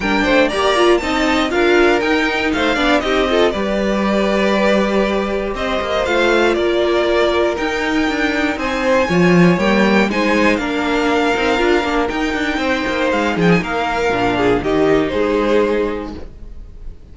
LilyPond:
<<
  \new Staff \with { instrumentName = "violin" } { \time 4/4 \tempo 4 = 119 g''4 ais''4 a''4 f''4 | g''4 f''4 dis''4 d''4~ | d''2. dis''4 | f''4 d''2 g''4~ |
g''4 gis''2 g''4 | gis''4 f''2. | g''2 f''8 g''16 gis''16 f''4~ | f''4 dis''4 c''2 | }
  \new Staff \with { instrumentName = "violin" } { \time 4/4 ais'8 c''8 d''4 dis''4 ais'4~ | ais'4 c''8 d''8 g'8 a'8 b'4~ | b'2. c''4~ | c''4 ais'2.~ |
ais'4 c''4 cis''2 | c''4 ais'2.~ | ais'4 c''4. gis'8 ais'4~ | ais'8 gis'8 g'4 gis'2 | }
  \new Staff \with { instrumentName = "viola" } { \time 4/4 d'4 g'8 f'8 dis'4 f'4 | dis'4. d'8 dis'8 f'8 g'4~ | g'1 | f'2. dis'4~ |
dis'2 f'4 ais4 | dis'4 d'4. dis'8 f'8 d'8 | dis'1 | d'4 dis'2. | }
  \new Staff \with { instrumentName = "cello" } { \time 4/4 g8 a8 ais4 c'4 d'4 | dis'4 a8 b8 c'4 g4~ | g2. c'8 ais8 | a4 ais2 dis'4 |
d'4 c'4 f4 g4 | gis4 ais4. c'8 d'8 ais8 | dis'8 d'8 c'8 ais8 gis8 f8 ais4 | ais,4 dis4 gis2 | }
>>